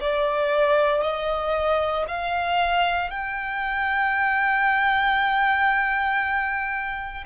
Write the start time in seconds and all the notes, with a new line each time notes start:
0.00 D5
1.02 D#5
2.07 F5
3.10 G5